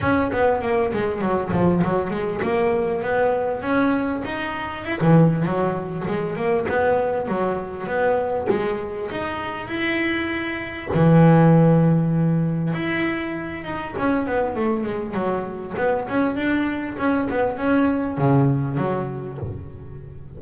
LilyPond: \new Staff \with { instrumentName = "double bass" } { \time 4/4 \tempo 4 = 99 cis'8 b8 ais8 gis8 fis8 f8 fis8 gis8 | ais4 b4 cis'4 dis'4 | e'16 e8. fis4 gis8 ais8 b4 | fis4 b4 gis4 dis'4 |
e'2 e2~ | e4 e'4. dis'8 cis'8 b8 | a8 gis8 fis4 b8 cis'8 d'4 | cis'8 b8 cis'4 cis4 fis4 | }